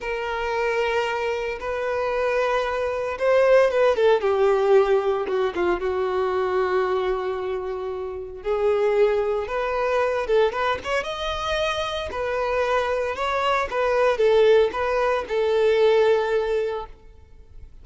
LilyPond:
\new Staff \with { instrumentName = "violin" } { \time 4/4 \tempo 4 = 114 ais'2. b'4~ | b'2 c''4 b'8 a'8 | g'2 fis'8 f'8 fis'4~ | fis'1 |
gis'2 b'4. a'8 | b'8 cis''8 dis''2 b'4~ | b'4 cis''4 b'4 a'4 | b'4 a'2. | }